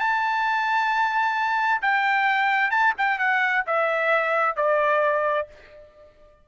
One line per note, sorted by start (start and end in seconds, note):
0.00 1.82 A5
1.82 2.71 G5
2.71 2.94 A5
2.98 3.19 G5
3.19 3.64 F#5
3.67 4.57 E5
4.57 5.48 D5